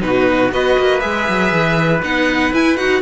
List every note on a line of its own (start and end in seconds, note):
0.00 0.51 B2
0.00 0.50 D#4
0.00 0.54 F#4
0.00 0.51 B4
0.51 0.76 B3
0.51 1.00 F#4
0.51 3.02 B4
0.51 1.00 D#5
0.79 1.03 A#3
1.00 1.28 G#3
1.00 2.00 G#4
1.00 2.00 E5
1.28 1.52 F#3
1.52 2.02 E3
2.02 2.52 B3
2.02 2.53 D#4
2.02 2.53 F#5
2.53 2.77 E4
2.53 2.77 G#5
2.77 3.02 D#4
2.77 3.02 F#4
2.77 3.02 F#5